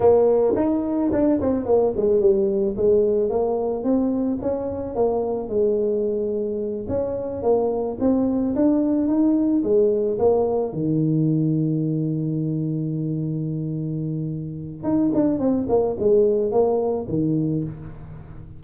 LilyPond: \new Staff \with { instrumentName = "tuba" } { \time 4/4 \tempo 4 = 109 ais4 dis'4 d'8 c'8 ais8 gis8 | g4 gis4 ais4 c'4 | cis'4 ais4 gis2~ | gis8 cis'4 ais4 c'4 d'8~ |
d'8 dis'4 gis4 ais4 dis8~ | dis1~ | dis2. dis'8 d'8 | c'8 ais8 gis4 ais4 dis4 | }